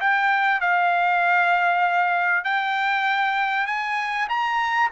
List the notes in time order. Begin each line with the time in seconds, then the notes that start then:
0.00 G5
0.60 F5
2.44 G5
3.67 G#5
4.29 A#5